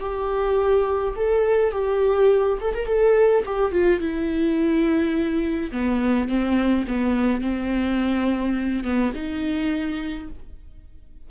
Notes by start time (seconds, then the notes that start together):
0.00 G4
1.16 A4
1.72 G4
2.61 A4
2.74 A#4
2.86 A4
3.45 G4
3.72 F4
4.00 E4
5.71 B3
6.28 C4
6.88 B3
7.41 C4
8.84 B3
9.15 D#4